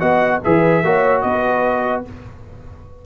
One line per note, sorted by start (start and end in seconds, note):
0.00 0.42 B3
0.00 0.41 F#4
0.00 0.41 D#5
0.00 0.40 F#5
0.44 0.84 E3
0.44 0.84 G#4
0.44 0.85 B4
0.44 1.22 E5
0.84 1.24 A#3
0.84 2.05 F#4
0.84 1.25 C#5
1.22 2.05 B3
1.22 2.06 B4
1.22 2.02 D#5